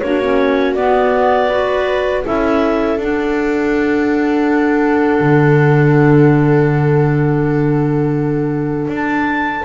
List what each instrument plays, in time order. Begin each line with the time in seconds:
0.00 double bass A#3, clarinet D4 C#5, viola F#4
0.22 clarinet C#4
0.75 clarinet B3 D5, double bass B3
1.49 clarinet F#4, viola B4
2.25 double bass C#4, clarinet E4 E5, viola A4
2.97 double bass D4, clarinet D4 F#5
5.20 double bass D3
8.88 double bass D4
8.95 clarinet A5